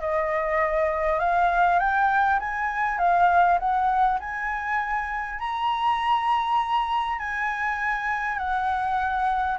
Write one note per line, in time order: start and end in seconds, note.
0.00 1.19 D#5
1.19 1.79 F5
1.79 2.39 G5
2.39 2.98 G#5
2.98 3.58 F5
3.59 4.19 F#5
4.19 5.39 G#5
5.39 7.18 A#5
7.18 8.38 G#5
8.38 9.58 F#5